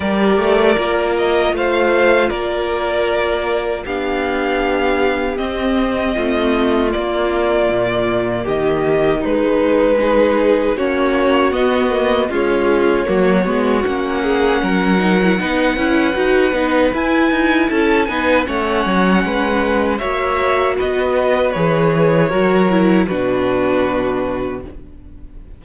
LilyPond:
<<
  \new Staff \with { instrumentName = "violin" } { \time 4/4 \tempo 4 = 78 d''4. dis''8 f''4 d''4~ | d''4 f''2 dis''4~ | dis''4 d''2 dis''4 | b'2 cis''4 dis''4 |
cis''2 fis''2~ | fis''2 gis''4 a''8 gis''8 | fis''2 e''4 dis''4 | cis''2 b'2 | }
  \new Staff \with { instrumentName = "violin" } { \time 4/4 ais'2 c''4 ais'4~ | ais'4 g'2. | f'2. g'4 | dis'4 gis'4 fis'2 |
f'4 fis'4. gis'8 ais'4 | b'2. a'8 b'8 | cis''4 b'4 cis''4 b'4~ | b'4 ais'4 fis'2 | }
  \new Staff \with { instrumentName = "viola" } { \time 4/4 g'4 f'2.~ | f'4 d'2 c'4~ | c'4 ais2. | gis4 dis'4 cis'4 b8 ais8 |
gis4 ais8 b8 cis'4. dis'16 e'16 | dis'8 e'8 fis'8 dis'8 e'4. dis'8 | cis'2 fis'2 | gis'4 fis'8 e'8 d'2 | }
  \new Staff \with { instrumentName = "cello" } { \time 4/4 g8 a8 ais4 a4 ais4~ | ais4 b2 c'4 | a4 ais4 ais,4 dis4 | gis2 ais4 b4 |
cis'4 fis8 gis8 ais4 fis4 | b8 cis'8 dis'8 b8 e'8 dis'8 cis'8 b8 | a8 fis8 gis4 ais4 b4 | e4 fis4 b,2 | }
>>